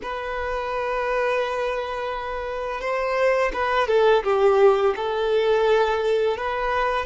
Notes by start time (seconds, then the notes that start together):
0.02 B4
2.80 C5
3.53 B4
3.87 A4
4.23 G4
4.96 A4
6.37 B4